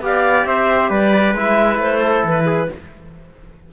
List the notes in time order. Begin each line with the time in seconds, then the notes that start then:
0.00 B3 G4 D5 F5
0.45 C4 C5 E5
0.89 G3 B4 D5
1.34 G#3 E4 E5
1.78 A3 C5
1.99 A4
2.23 E3 B4
2.46 G#4